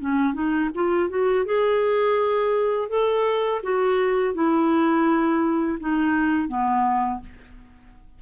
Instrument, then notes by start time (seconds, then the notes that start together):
clarinet
0.00 C#4
0.34 D#4
0.75 F4
1.09 F#4
1.46 G#4
2.89 A4
3.63 F#4
4.34 E4
5.80 D#4
6.48 B3